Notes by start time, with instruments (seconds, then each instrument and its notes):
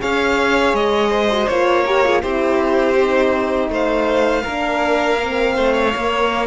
0.00 cello C#4, horn G#4, violin C#5 F5
0.74 cello G#3, violin D#5
1.10 violin C5
1.31 horn F#4
1.48 cello A#3, horn F4, violin C#5
1.86 horn G4, violin A#4
2.04 horn F4, violin G#4
2.22 cello C4, horn E4, violin G4 C5
2.98 horn D#4
3.69 cello A3, violin C5 F5
4.43 cello A#3, horn D4, violin A#4
5.21 horn C4
5.56 cello A3, violin C5
5.74 violin C#5
5.93 horn A#3, cello A#3